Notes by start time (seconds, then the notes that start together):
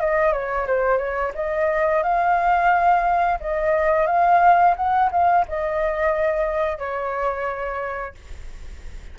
0.00 D#5
0.33 C#5
0.67 C5
0.98 C#5
1.35 D#5
2.03 F5
3.40 D#5
4.07 F5
4.76 F#5
5.11 F5
5.48 D#5
6.78 C#5